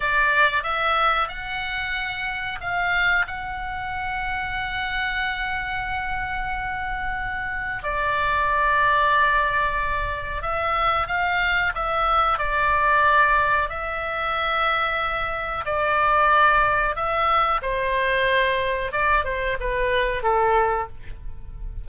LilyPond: \new Staff \with { instrumentName = "oboe" } { \time 4/4 \tempo 4 = 92 d''4 e''4 fis''2 | f''4 fis''2.~ | fis''1 | d''1 |
e''4 f''4 e''4 d''4~ | d''4 e''2. | d''2 e''4 c''4~ | c''4 d''8 c''8 b'4 a'4 | }